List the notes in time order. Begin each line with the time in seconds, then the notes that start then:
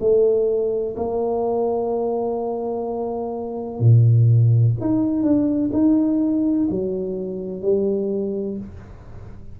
0.00 A3
0.96 A#3
3.80 A#2
4.81 D#4
5.23 D4
5.73 D#4
6.70 F#3
7.62 G3